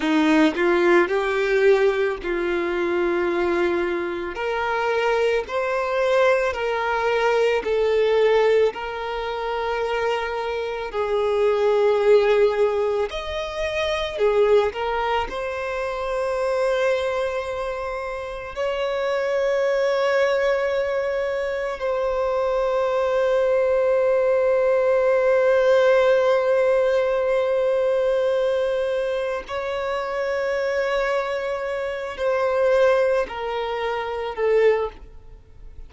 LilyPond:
\new Staff \with { instrumentName = "violin" } { \time 4/4 \tempo 4 = 55 dis'8 f'8 g'4 f'2 | ais'4 c''4 ais'4 a'4 | ais'2 gis'2 | dis''4 gis'8 ais'8 c''2~ |
c''4 cis''2. | c''1~ | c''2. cis''4~ | cis''4. c''4 ais'4 a'8 | }